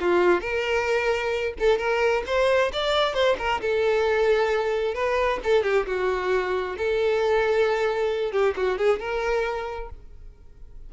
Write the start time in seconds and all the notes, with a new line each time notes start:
0.00 F4
0.41 A#4
1.59 A4
1.78 A#4
2.26 C5
2.73 D5
3.14 C5
3.38 A#4
3.61 A4
4.94 B4
5.43 A4
5.63 G4
5.86 F#4
6.77 A4
8.32 G4
8.56 F#4
8.78 G#4
8.99 A#4